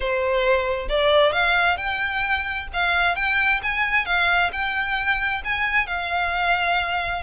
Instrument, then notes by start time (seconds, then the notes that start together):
violin
0.00 C5
0.88 D5
1.32 F5
1.77 G5
2.73 F5
3.15 G5
3.63 G#5
4.05 F5
4.52 G5
5.44 G#5
5.86 F5